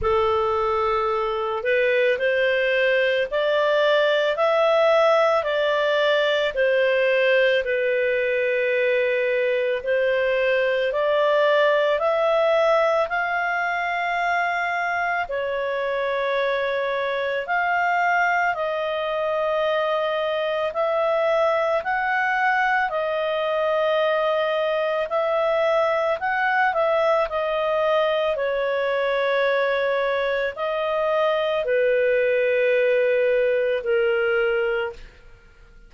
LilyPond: \new Staff \with { instrumentName = "clarinet" } { \time 4/4 \tempo 4 = 55 a'4. b'8 c''4 d''4 | e''4 d''4 c''4 b'4~ | b'4 c''4 d''4 e''4 | f''2 cis''2 |
f''4 dis''2 e''4 | fis''4 dis''2 e''4 | fis''8 e''8 dis''4 cis''2 | dis''4 b'2 ais'4 | }